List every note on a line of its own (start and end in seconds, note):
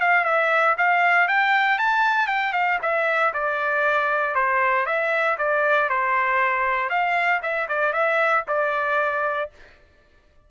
0.00 0.24 F5
0.24 0.76 E5
0.77 1.28 F5
1.28 1.78 G5
1.78 2.27 A5
2.27 2.52 G5
2.53 2.78 F5
2.82 3.33 E5
3.33 4.34 D5
4.34 4.86 C5
4.86 5.37 E5
5.38 5.89 D5
5.89 6.89 C5
6.89 7.41 F5
7.42 7.68 E5
7.68 7.92 D5
7.92 8.44 E5
8.47 9.50 D5